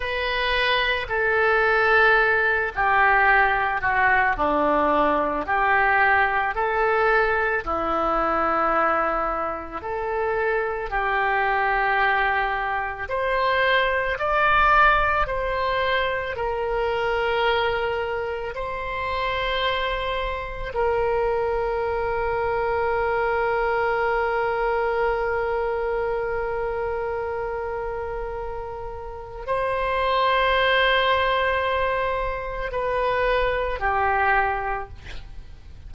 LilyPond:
\new Staff \with { instrumentName = "oboe" } { \time 4/4 \tempo 4 = 55 b'4 a'4. g'4 fis'8 | d'4 g'4 a'4 e'4~ | e'4 a'4 g'2 | c''4 d''4 c''4 ais'4~ |
ais'4 c''2 ais'4~ | ais'1~ | ais'2. c''4~ | c''2 b'4 g'4 | }